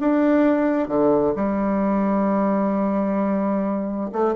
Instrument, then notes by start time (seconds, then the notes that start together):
bassoon
0.00 D4
0.88 D3
1.36 G3
4.12 A3